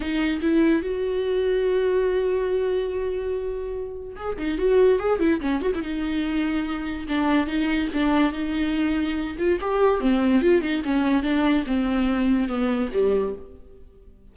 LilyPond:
\new Staff \with { instrumentName = "viola" } { \time 4/4 \tempo 4 = 144 dis'4 e'4 fis'2~ | fis'1~ | fis'2 gis'8 dis'8 fis'4 | gis'8 e'8 cis'8 fis'16 e'16 dis'2~ |
dis'4 d'4 dis'4 d'4 | dis'2~ dis'8 f'8 g'4 | c'4 f'8 dis'8 cis'4 d'4 | c'2 b4 g4 | }